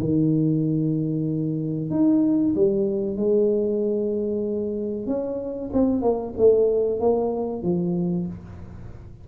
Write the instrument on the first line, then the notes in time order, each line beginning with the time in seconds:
tuba
0.00 D#3
1.90 D#4
2.56 G3
3.17 G#3
5.07 C#4
5.73 C4
6.02 A#3
6.37 A3
7.00 A#3
7.63 F3